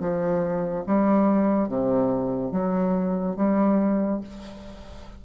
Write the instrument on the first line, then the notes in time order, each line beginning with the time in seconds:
bassoon
0.00 F3
0.86 G3
1.69 C3
2.52 F#3
3.36 G3